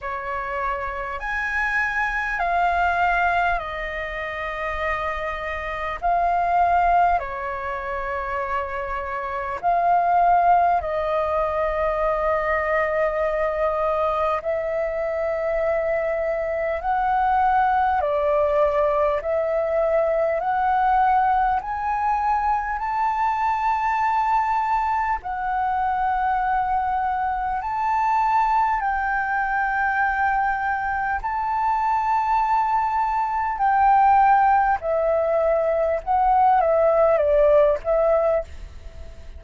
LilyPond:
\new Staff \with { instrumentName = "flute" } { \time 4/4 \tempo 4 = 50 cis''4 gis''4 f''4 dis''4~ | dis''4 f''4 cis''2 | f''4 dis''2. | e''2 fis''4 d''4 |
e''4 fis''4 gis''4 a''4~ | a''4 fis''2 a''4 | g''2 a''2 | g''4 e''4 fis''8 e''8 d''8 e''8 | }